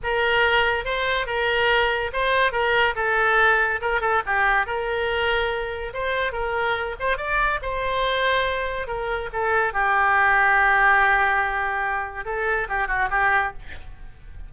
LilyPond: \new Staff \with { instrumentName = "oboe" } { \time 4/4 \tempo 4 = 142 ais'2 c''4 ais'4~ | ais'4 c''4 ais'4 a'4~ | a'4 ais'8 a'8 g'4 ais'4~ | ais'2 c''4 ais'4~ |
ais'8 c''8 d''4 c''2~ | c''4 ais'4 a'4 g'4~ | g'1~ | g'4 a'4 g'8 fis'8 g'4 | }